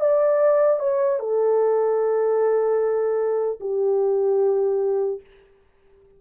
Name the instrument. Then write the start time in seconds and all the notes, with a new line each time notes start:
horn
0.00 D5
0.79 C#5
1.19 A4
3.60 G4